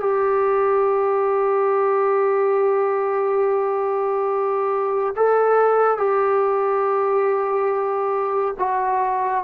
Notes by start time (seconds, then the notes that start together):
0.00 G4
5.16 A4
5.97 G4
8.58 F#4